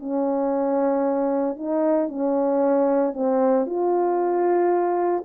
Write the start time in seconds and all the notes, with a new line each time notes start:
0.00 C#4
1.56 D#4
2.09 C#4
3.14 C4
3.67 F4